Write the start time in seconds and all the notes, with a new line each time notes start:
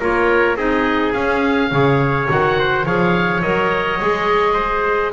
0.00 A#3 F4 A#4 C#5
0.56 C4 D#4 G#4 D#5
1.13 C#4 F5
1.71 C#3 G#4 C#5
2.28 D#3 F#4 F#5
2.59 C5
2.85 F3 G#4 C#5 F5
3.41 F#3 A#4 D#5
4.01 G#3 G#4
4.54 C5